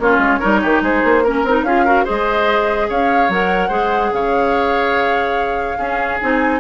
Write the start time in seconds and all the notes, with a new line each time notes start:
0.00 A#3 C#4 F4 C#5
0.18 G#3
0.40 G3 D#4 A#4
0.62 D#3 G4
0.82 G#3 G#4 C5
1.04 A#3
1.24 C#4 A#4
1.44 C4 D#4
1.63 C#4 F4 G#4 F5
1.86 F#4 A#4
2.05 G#3 G#4 C5 D#5
2.90 C#4 C#5 F5
3.29 F#3 A#4 F#5
3.69 G#3 G#4 C5
4.13 C#3 C#5 F5
5.78 C#4 G#4
6.22 C4 D#4 G#5